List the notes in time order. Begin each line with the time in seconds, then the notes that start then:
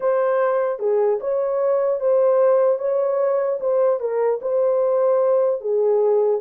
0.00 C5
0.79 G#4
1.20 C#5
2.00 C5
2.78 C#5
3.60 C5
4.00 A#4
4.41 C5
5.60 G#4